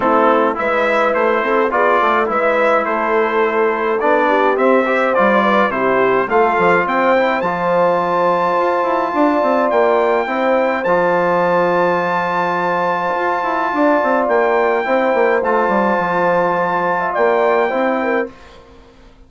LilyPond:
<<
  \new Staff \with { instrumentName = "trumpet" } { \time 4/4 \tempo 4 = 105 a'4 e''4 c''4 d''4 | e''4 c''2 d''4 | e''4 d''4 c''4 f''4 | g''4 a''2.~ |
a''4 g''2 a''4~ | a''1~ | a''4 g''2 a''4~ | a''2 g''2 | }
  \new Staff \with { instrumentName = "horn" } { \time 4/4 e'4 b'4. a'8 gis'8 a'8 | b'4 a'2~ a'8 g'8~ | g'8 c''4 b'8 g'4 a'4 | c''1 |
d''2 c''2~ | c''1 | d''2 c''2~ | c''4.~ c''16 e''16 d''4 c''8 ais'8 | }
  \new Staff \with { instrumentName = "trombone" } { \time 4/4 c'4 e'2 f'4 | e'2. d'4 | c'8 g'8 f'4 e'4 f'4~ | f'8 e'8 f'2.~ |
f'2 e'4 f'4~ | f'1~ | f'2 e'4 f'4~ | f'2. e'4 | }
  \new Staff \with { instrumentName = "bassoon" } { \time 4/4 a4 gis4 a8 c'8 b8 a8 | gis4 a2 b4 | c'4 g4 c4 a8 f8 | c'4 f2 f'8 e'8 |
d'8 c'8 ais4 c'4 f4~ | f2. f'8 e'8 | d'8 c'8 ais4 c'8 ais8 a8 g8 | f2 ais4 c'4 | }
>>